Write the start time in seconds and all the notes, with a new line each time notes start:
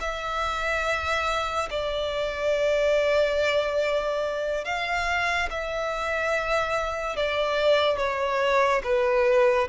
0.00 E5
1.70 D5
4.65 F5
5.50 E5
7.16 D5
7.97 C#5
8.83 B4